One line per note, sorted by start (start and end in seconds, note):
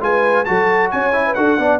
0.00 0.45 G#3
0.00 0.45 F4
0.00 0.47 B4
0.00 0.44 G#5
0.44 0.92 F#3
0.44 1.12 F#4
0.44 0.92 A4
0.44 0.89 A5
0.91 1.37 C#4
0.91 1.26 C#5
0.91 1.34 G#5
1.12 1.34 E4
1.26 1.37 B4
1.34 1.58 D4
1.34 1.58 F#4
1.34 1.58 A4
1.34 1.78 F#5
1.58 1.79 B3
1.58 1.79 D4
1.58 1.79 D5